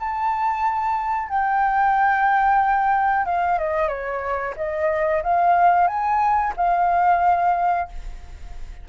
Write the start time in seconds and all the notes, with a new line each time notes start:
0.00 A5
1.29 G5
3.26 F5
3.59 D#5
3.88 C#5
4.57 D#5
5.23 F5
5.88 G#5
6.57 F5